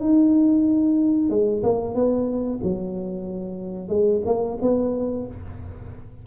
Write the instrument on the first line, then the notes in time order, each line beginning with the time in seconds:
tuba
0.00 D#4
1.30 G#3
1.62 A#3
1.94 B3
2.63 F#3
3.88 G#3
4.25 A#3
4.61 B3